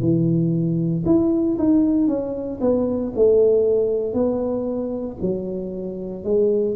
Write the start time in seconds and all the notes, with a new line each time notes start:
0.00 E3
1.05 E4
1.58 D#4
2.07 C#4
2.61 B3
3.16 A3
4.13 B3
5.21 F#3
6.24 G#3